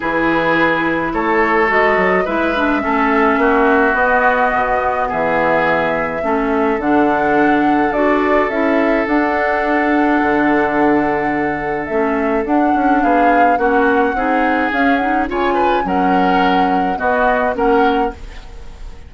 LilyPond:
<<
  \new Staff \with { instrumentName = "flute" } { \time 4/4 \tempo 4 = 106 b'2 cis''4 dis''4 | e''2. dis''4~ | dis''4 e''2. | fis''2 d''4 e''4 |
fis''1~ | fis''4 e''4 fis''4 f''4 | fis''2 f''8 fis''8 gis''4 | fis''2 dis''4 fis''4 | }
  \new Staff \with { instrumentName = "oboe" } { \time 4/4 gis'2 a'2 | b'4 a'4 fis'2~ | fis'4 gis'2 a'4~ | a'1~ |
a'1~ | a'2. gis'4 | fis'4 gis'2 cis''8 b'8 | ais'2 fis'4 ais'4 | }
  \new Staff \with { instrumentName = "clarinet" } { \time 4/4 e'2. fis'4 | e'8 d'8 cis'2 b4~ | b2. cis'4 | d'2 fis'4 e'4 |
d'1~ | d'4 cis'4 d'2 | cis'4 dis'4 cis'8 dis'8 f'4 | cis'2 b4 cis'4 | }
  \new Staff \with { instrumentName = "bassoon" } { \time 4/4 e2 a4 gis8 fis8 | gis4 a4 ais4 b4 | b,4 e2 a4 | d2 d'4 cis'4 |
d'2 d2~ | d4 a4 d'8 cis'8 b4 | ais4 c'4 cis'4 cis4 | fis2 b4 ais4 | }
>>